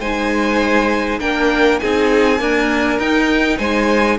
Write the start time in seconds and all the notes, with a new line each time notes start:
0.00 G#3 D#4 C5 G#5
1.20 A#3 D4 A#4 G5
1.80 C4 D#4 G#4 G#5
2.39 A#3 D4 A#4
3.00 D#4 G5
3.58 G#3 C5 G#5